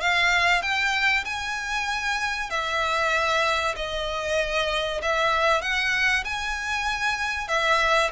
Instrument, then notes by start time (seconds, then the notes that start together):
violin
0.00 F5
0.61 G5
1.24 G#5
2.50 E5
3.76 D#5
5.01 E5
5.61 F#5
6.24 G#5
7.47 E5